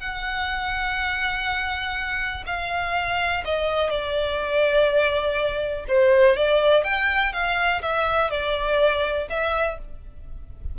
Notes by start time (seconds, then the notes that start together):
0.00 F#5
2.46 F5
3.45 D#5
3.90 D5
5.88 C5
6.36 D5
6.84 G5
7.33 F5
7.82 E5
8.30 D5
9.29 E5